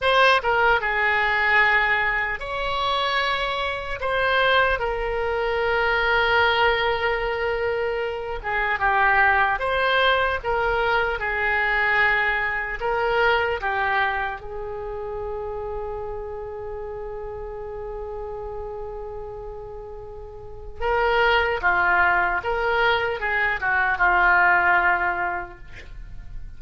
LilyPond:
\new Staff \with { instrumentName = "oboe" } { \time 4/4 \tempo 4 = 75 c''8 ais'8 gis'2 cis''4~ | cis''4 c''4 ais'2~ | ais'2~ ais'8 gis'8 g'4 | c''4 ais'4 gis'2 |
ais'4 g'4 gis'2~ | gis'1~ | gis'2 ais'4 f'4 | ais'4 gis'8 fis'8 f'2 | }